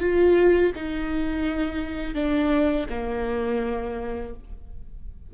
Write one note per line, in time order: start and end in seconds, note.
0.00 0.72 F4
0.75 2.15 D#4
2.15 2.87 D4
2.89 4.34 A#3